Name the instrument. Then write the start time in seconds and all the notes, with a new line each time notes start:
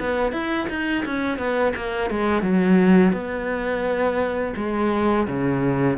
cello
0.00 B3
0.32 E4
0.70 D#4
1.06 C#4
1.39 B3
1.76 A#3
2.10 G#3
2.43 F#3
3.13 B3
4.57 G#3
5.27 C#3